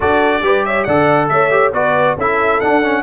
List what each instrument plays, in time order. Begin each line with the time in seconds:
0.00 tuba D4, trombone F#4, horn A4, trumpet D5
0.41 tuba G3, trombone G4, horn B4
0.65 horn C#5, trumpet E5
0.84 tuba D3, trombone A4, horn D5, trumpet F#5
1.28 tuba A3, horn C#5, trumpet E5
1.50 trombone G4
1.73 tuba B3, trombone F#4, horn B4, trumpet D5
2.16 tuba C#4, trombone E4, horn A4, trumpet E5
2.60 trombone D4, tuba D4, trumpet F#5
2.83 trombone C#4